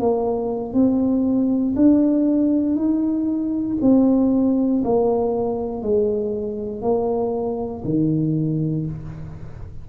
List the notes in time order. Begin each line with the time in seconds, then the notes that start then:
0.00 A#3
0.74 C4
1.76 D4
2.76 D#4
3.82 C4
4.84 A#3
5.82 G#3
6.82 A#3
7.85 D#3